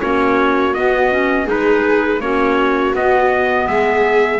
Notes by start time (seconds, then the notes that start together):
0.00 A#3 C#4 F#4 C#5
0.74 B3 D#5
1.11 C#4
1.44 G#3 D#4 G#4 B4
2.20 A#3 C#4 F#4 C#5
2.94 B3 D#5
3.67 G#3 G#4 E5